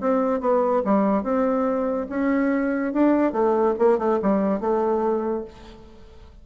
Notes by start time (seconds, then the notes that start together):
0.00 C4
0.40 B3
0.85 G3
1.23 C4
2.09 C#4
2.93 D4
3.32 A3
3.79 A#3
3.98 A3
4.22 G3
4.60 A3